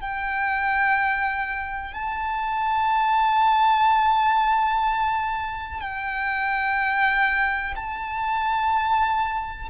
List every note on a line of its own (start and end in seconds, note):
0.00 1.94 G5
1.94 5.81 A5
5.81 7.74 G5
7.76 9.69 A5